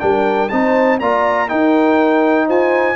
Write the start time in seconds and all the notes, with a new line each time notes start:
0.00 G3 D4 A#4 G5
0.49 C4 D#4 C5 A5
1.00 A#3 F4 D5 A#5
1.49 D#4 A#4 G5
2.47 F4 C5 G#5